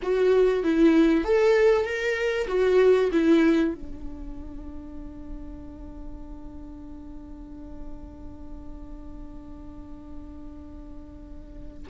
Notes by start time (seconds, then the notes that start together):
0.02 F#4
0.63 E4
1.24 A4
1.84 A#4
2.47 F#4
3.12 E4
3.74 D4